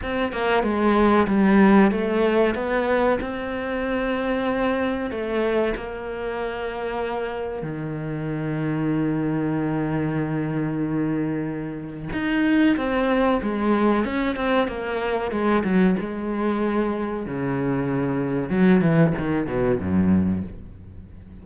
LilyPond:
\new Staff \with { instrumentName = "cello" } { \time 4/4 \tempo 4 = 94 c'8 ais8 gis4 g4 a4 | b4 c'2. | a4 ais2. | dis1~ |
dis2. dis'4 | c'4 gis4 cis'8 c'8 ais4 | gis8 fis8 gis2 cis4~ | cis4 fis8 e8 dis8 b,8 fis,4 | }